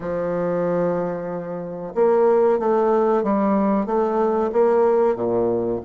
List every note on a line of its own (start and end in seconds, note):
0.00 1.93 F3
1.94 2.59 A#3
2.59 3.23 A3
3.23 3.86 G3
3.86 4.50 A3
4.52 5.15 A#3
5.15 5.79 A#2